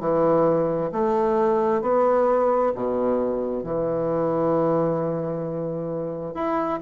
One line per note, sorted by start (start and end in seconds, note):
0.00 0.91 E3
0.92 1.81 A3
1.81 2.72 B3
2.74 3.63 B2
3.63 6.34 E3
6.34 6.79 E4